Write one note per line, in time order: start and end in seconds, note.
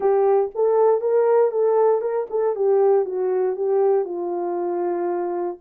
0.00 0.50 G4
0.55 1.00 A4
1.00 1.51 A#4
1.51 2.01 A4
2.01 2.26 A#4
2.30 2.55 A4
2.55 3.05 G4
3.05 3.55 F#4
3.56 4.04 G4
4.04 5.57 F4